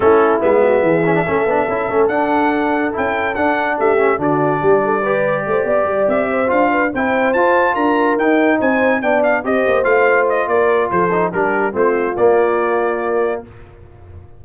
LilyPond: <<
  \new Staff \with { instrumentName = "trumpet" } { \time 4/4 \tempo 4 = 143 a'4 e''2.~ | e''4 fis''2 g''4 | fis''4 e''4 d''2~ | d''2~ d''8 e''4 f''8~ |
f''8 g''4 a''4 ais''4 g''8~ | g''8 gis''4 g''8 f''8 dis''4 f''8~ | f''8 dis''8 d''4 c''4 ais'4 | c''4 d''2. | }
  \new Staff \with { instrumentName = "horn" } { \time 4/4 e'4. fis'8 gis'4 a'4~ | a'1~ | a'4 g'4 fis'4 g'8 a'8 | b'4 c''8 d''4. c''4 |
b'8 c''2 ais'4.~ | ais'8 c''4 d''4 c''4.~ | c''4 ais'4 a'4 g'4 | f'1 | }
  \new Staff \with { instrumentName = "trombone" } { \time 4/4 cis'4 b4. cis'16 d'16 cis'8 d'8 | e'8 cis'8 d'2 e'4 | d'4. cis'8 d'2 | g'2.~ g'8 f'8~ |
f'8 e'4 f'2 dis'8~ | dis'4. d'4 g'4 f'8~ | f'2~ f'8 dis'8 d'4 | c'4 ais2. | }
  \new Staff \with { instrumentName = "tuba" } { \time 4/4 a4 gis4 e4 a8 b8 | cis'8 a8 d'2 cis'4 | d'4 a4 d4 g4~ | g4 a8 b8 g8 c'4 d'8~ |
d'8 c'4 f'4 d'4 dis'8~ | dis'8 c'4 b4 c'8 ais8 a8~ | a4 ais4 f4 g4 | a4 ais2. | }
>>